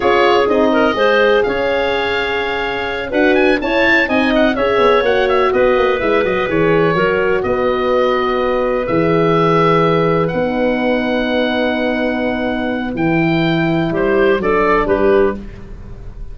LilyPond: <<
  \new Staff \with { instrumentName = "oboe" } { \time 4/4 \tempo 4 = 125 cis''4 dis''2 f''4~ | f''2~ f''8 fis''8 gis''8 a''8~ | a''8 gis''8 fis''8 e''4 fis''8 e''8 dis''8~ | dis''8 e''8 dis''8 cis''2 dis''8~ |
dis''2~ dis''8 e''4.~ | e''4. fis''2~ fis''8~ | fis''2. g''4~ | g''4 c''4 d''4 b'4 | }
  \new Staff \with { instrumentName = "clarinet" } { \time 4/4 gis'4. ais'8 c''4 cis''4~ | cis''2~ cis''8 b'4 cis''8~ | cis''8 dis''4 cis''2 b'8~ | b'2~ b'8 ais'4 b'8~ |
b'1~ | b'1~ | b'1~ | b'4 g'4 a'4 g'4 | }
  \new Staff \with { instrumentName = "horn" } { \time 4/4 f'4 dis'4 gis'2~ | gis'2~ gis'8 fis'4 e'8~ | e'8 dis'4 gis'4 fis'4.~ | fis'8 e'8 fis'8 gis'4 fis'4.~ |
fis'2~ fis'8 gis'4.~ | gis'4. dis'2~ dis'8~ | dis'2. e'4~ | e'2 d'2 | }
  \new Staff \with { instrumentName = "tuba" } { \time 4/4 cis'4 c'4 gis4 cis'4~ | cis'2~ cis'8 d'4 cis'8~ | cis'8 c'4 cis'8 b8 ais4 b8 | ais8 gis8 fis8 e4 fis4 b8~ |
b2~ b8 e4.~ | e4. b2~ b8~ | b2. e4~ | e4 g4 fis4 g4 | }
>>